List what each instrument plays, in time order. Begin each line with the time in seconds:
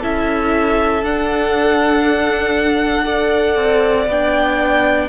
0.00 cello C#4, viola E4, violin A4 E5
1.03 cello D4, viola D4, violin F#5
3.04 viola A4, violin D5
3.56 cello C4
4.06 cello B3, viola D4, violin G5